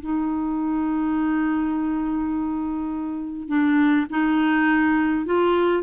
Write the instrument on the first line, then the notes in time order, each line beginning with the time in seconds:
clarinet
0.00 D#4
3.48 D4
4.10 D#4
5.25 F4